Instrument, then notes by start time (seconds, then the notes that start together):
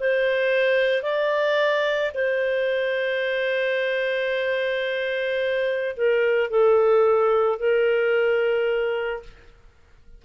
clarinet
0.00 C5
1.03 D5
2.15 C5
5.97 A#4
6.51 A4
7.59 A#4